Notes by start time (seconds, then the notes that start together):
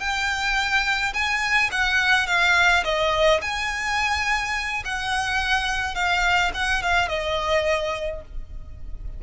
0.00 G5
1.14 G#5
1.72 F#5
2.27 F5
2.84 D#5
3.42 G#5
4.85 F#5
5.95 F5
6.54 F#5
6.83 F5
7.09 D#5